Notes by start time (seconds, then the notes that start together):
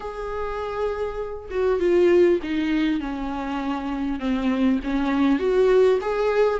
0.00 G#4
1.50 F#4
1.79 F4
2.42 D#4
3.00 C#4
4.19 C4
4.83 C#4
5.39 F#4
6.01 G#4